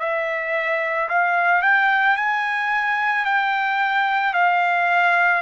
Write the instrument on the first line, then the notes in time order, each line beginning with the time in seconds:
trumpet
0.00 E5
1.09 F5
1.63 G5
2.17 G#5
3.26 G5
4.34 F5